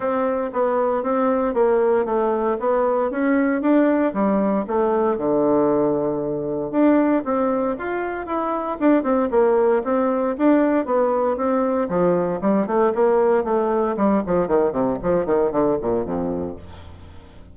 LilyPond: \new Staff \with { instrumentName = "bassoon" } { \time 4/4 \tempo 4 = 116 c'4 b4 c'4 ais4 | a4 b4 cis'4 d'4 | g4 a4 d2~ | d4 d'4 c'4 f'4 |
e'4 d'8 c'8 ais4 c'4 | d'4 b4 c'4 f4 | g8 a8 ais4 a4 g8 f8 | dis8 c8 f8 dis8 d8 ais,8 f,4 | }